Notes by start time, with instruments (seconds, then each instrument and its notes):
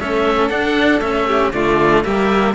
0.00 cello A3 C#4, violin A4, oboe E5
0.50 cello D4, oboe F#5
0.98 cello A3 C#4, oboe E5
1.28 violin G4
1.53 cello D3 A3, violin F4, oboe D5
2.04 cello G3 A#3, violin G4, oboe E5